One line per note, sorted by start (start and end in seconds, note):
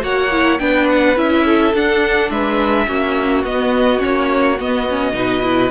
0.00 0.59 A#3
0.00 0.29 F#4
0.00 0.61 C#5
0.00 0.58 F#5
0.31 0.59 E4
0.58 1.16 B3
0.58 1.16 D4
0.58 1.45 B4
0.58 0.87 G5
0.89 1.17 F#5
1.16 1.73 C#4
1.16 1.73 E4
1.16 1.74 E5
1.45 2.30 A4
1.73 2.30 D4
1.73 2.87 D4
1.73 2.30 F#5
2.30 2.87 G#3
2.30 2.87 B4
2.30 3.44 E5
2.87 3.44 A#3
2.87 3.45 C#4
2.87 5.15 F#4
3.44 4.01 B3
3.44 3.98 B3
3.44 4.02 D#5
3.98 4.59 A#3
3.98 4.55 C#4
3.98 4.59 C#5
4.59 5.13 B3
4.59 4.88 B3
4.59 5.70 D#5
4.89 5.12 C#4
5.12 5.70 B2
5.12 5.41 D#4
5.12 5.70 B4
5.42 5.70 E4